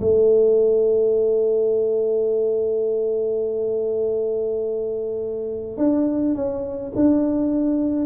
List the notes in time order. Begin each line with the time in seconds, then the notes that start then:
0.00 A3
5.77 D4
6.34 C#4
6.96 D4